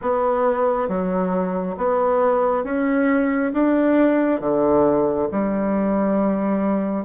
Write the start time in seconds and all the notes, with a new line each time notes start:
0.01 B3
0.88 F#3
1.77 B3
2.64 C#4
3.53 D4
4.40 D3
5.31 G3